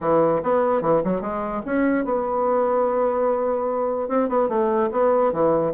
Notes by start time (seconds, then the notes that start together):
0.00 E3
0.42 B3
0.81 E3
1.04 F#3
1.21 G#3
1.65 C#4
2.04 B3
4.08 C4
4.29 B3
4.49 A3
4.91 B3
5.32 E3